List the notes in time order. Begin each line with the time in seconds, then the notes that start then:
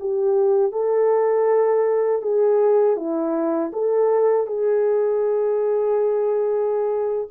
0.00 G4
0.72 A4
2.22 G#4
2.96 E4
3.73 A4
4.47 G#4